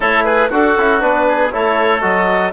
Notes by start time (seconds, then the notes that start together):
0.00 A3 E4 A4 C#5
0.24 G#4 B4
0.49 D4 F#4 A4
0.77 C#4 E4
0.99 B3 D4 B4
1.28 G#4
1.51 A3 E4 A4 C#5
2.01 F#3 F#4 D#5